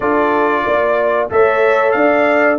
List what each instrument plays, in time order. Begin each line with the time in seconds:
0.00 tuba D4, trombone F4, horn A4, trumpet D5
0.65 tuba A#3, horn D5
1.30 tuba A3, trombone A4, horn C#5, trumpet E5
1.91 tuba D4, horn D5, trumpet F5